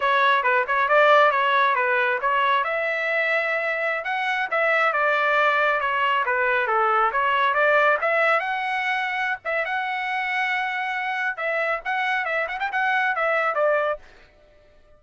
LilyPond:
\new Staff \with { instrumentName = "trumpet" } { \time 4/4 \tempo 4 = 137 cis''4 b'8 cis''8 d''4 cis''4 | b'4 cis''4 e''2~ | e''4~ e''16 fis''4 e''4 d''8.~ | d''4~ d''16 cis''4 b'4 a'8.~ |
a'16 cis''4 d''4 e''4 fis''8.~ | fis''4. e''8 fis''2~ | fis''2 e''4 fis''4 | e''8 fis''16 g''16 fis''4 e''4 d''4 | }